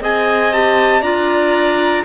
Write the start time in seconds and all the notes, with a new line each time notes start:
0.00 C4 G#4 D#5 G#5
0.52 G4 A5
1.01 D4 F4 D5 A#5